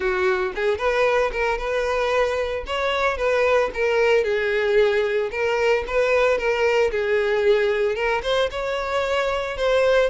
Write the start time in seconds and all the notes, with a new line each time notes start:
0.00 F#4
0.55 G#4
0.78 B4
1.32 A#4
1.58 B4
2.66 C#5
3.17 B4
3.73 A#4
4.23 G#4
5.31 A#4
5.87 B4
6.37 A#4
6.91 G#4
7.95 A#4
8.23 C5
8.51 C#5
9.57 C5